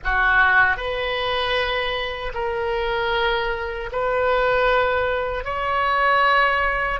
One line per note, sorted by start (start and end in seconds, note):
0.04 0.76 F#4
0.76 2.32 B4
2.34 3.90 A#4
3.92 5.44 B4
5.44 7.00 C#5